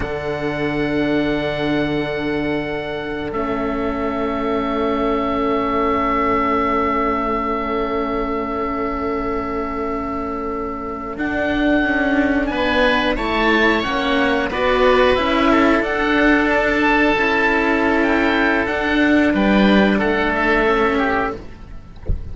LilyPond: <<
  \new Staff \with { instrumentName = "oboe" } { \time 4/4 \tempo 4 = 90 fis''1~ | fis''4 e''2.~ | e''1~ | e''1~ |
e''8. fis''2 gis''4 a''16~ | a''8. fis''4 d''4 e''4 fis''16~ | fis''8. a''2~ a''16 g''4 | fis''4 g''4 fis''8 e''4. | }
  \new Staff \with { instrumentName = "oboe" } { \time 4/4 a'1~ | a'1~ | a'1~ | a'1~ |
a'2~ a'8. b'4 cis''16~ | cis''4.~ cis''16 b'4. a'8.~ | a'1~ | a'4 b'4 a'4. g'8 | }
  \new Staff \with { instrumentName = "cello" } { \time 4/4 d'1~ | d'4 cis'2.~ | cis'1~ | cis'1~ |
cis'8. d'2. e'16~ | e'8. cis'4 fis'4 e'4 d'16~ | d'4.~ d'16 e'2~ e'16 | d'2. cis'4 | }
  \new Staff \with { instrumentName = "cello" } { \time 4/4 d1~ | d4 a2.~ | a1~ | a1~ |
a8. d'4 cis'4 b4 a16~ | a8. ais4 b4 cis'4 d'16~ | d'4.~ d'16 cis'2~ cis'16 | d'4 g4 a2 | }
>>